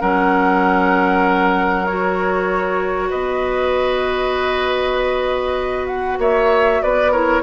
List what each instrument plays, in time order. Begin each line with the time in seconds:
0.00 bassoon F#3, clarinet C#4, oboe A#4, flute F#5
1.86 clarinet F#4, flute C#5
3.09 bassoon B3, oboe B4, flute D#5
5.87 flute F#5
6.19 bassoon A#3, oboe C#5, flute E5
6.82 bassoon B3, oboe B4, flute D5
7.12 clarinet E4, oboe A#4, flute C#5